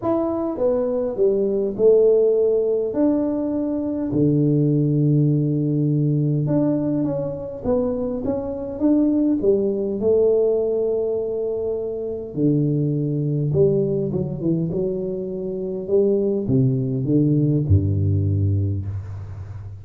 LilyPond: \new Staff \with { instrumentName = "tuba" } { \time 4/4 \tempo 4 = 102 e'4 b4 g4 a4~ | a4 d'2 d4~ | d2. d'4 | cis'4 b4 cis'4 d'4 |
g4 a2.~ | a4 d2 g4 | fis8 e8 fis2 g4 | c4 d4 g,2 | }